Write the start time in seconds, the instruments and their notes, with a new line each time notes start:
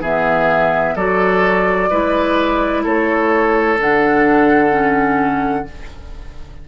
0.00 bassoon E3, clarinet B3, oboe G#4, flute E5
0.95 bassoon F#3, clarinet F#4, oboe A4, flute D5
1.90 bassoon G#3, clarinet E4, oboe B4
2.83 bassoon A3, oboe A4, flute C#5
3.77 bassoon D3, clarinet D4, flute F#5
4.70 clarinet C#4